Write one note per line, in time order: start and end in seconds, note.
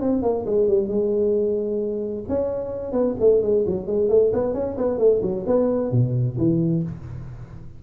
0.00 0.22 C4
0.22 0.45 A#3
0.46 0.68 G#3
0.68 0.88 G3
0.88 2.24 G#3
2.28 2.92 C#4
2.92 3.15 B3
3.20 3.42 A3
3.42 3.65 G#3
3.66 3.87 F#3
3.87 4.09 G#3
4.09 4.32 A3
4.33 4.54 B3
4.54 4.76 C#4
4.77 4.98 B3
4.98 5.21 A3
5.22 5.45 F#3
5.46 5.91 B3
5.91 6.37 B2
6.38 6.83 E3